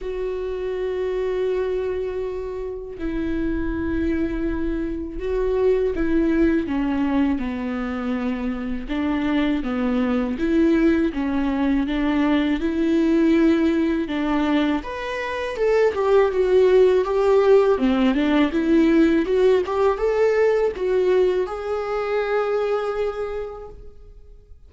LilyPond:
\new Staff \with { instrumentName = "viola" } { \time 4/4 \tempo 4 = 81 fis'1 | e'2. fis'4 | e'4 cis'4 b2 | d'4 b4 e'4 cis'4 |
d'4 e'2 d'4 | b'4 a'8 g'8 fis'4 g'4 | c'8 d'8 e'4 fis'8 g'8 a'4 | fis'4 gis'2. | }